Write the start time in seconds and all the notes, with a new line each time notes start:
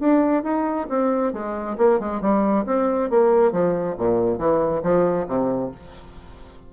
0.00 D4
0.44 D#4
0.90 C4
1.33 G#3
1.78 A#3
2.00 G#3
2.22 G3
2.67 C4
3.11 A#3
3.53 F3
3.99 A#2
4.39 E3
4.83 F3
5.28 C3